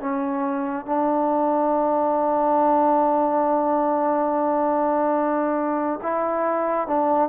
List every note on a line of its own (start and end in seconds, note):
0.00 0.86 C#4
0.86 6.00 D4
6.03 6.87 E4
6.87 7.29 D4